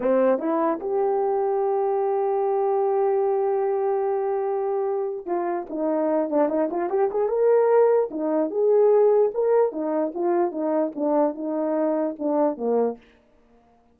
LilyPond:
\new Staff \with { instrumentName = "horn" } { \time 4/4 \tempo 4 = 148 c'4 e'4 g'2~ | g'1~ | g'1~ | g'4 f'4 dis'4. d'8 |
dis'8 f'8 g'8 gis'8 ais'2 | dis'4 gis'2 ais'4 | dis'4 f'4 dis'4 d'4 | dis'2 d'4 ais4 | }